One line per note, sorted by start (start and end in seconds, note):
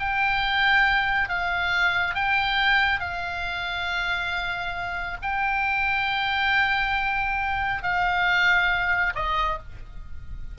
0.00 1.29 G5
1.29 2.15 F5
2.15 3.00 G5
3.00 5.17 F5
5.22 7.83 G5
7.83 9.13 F5
9.15 9.59 D#5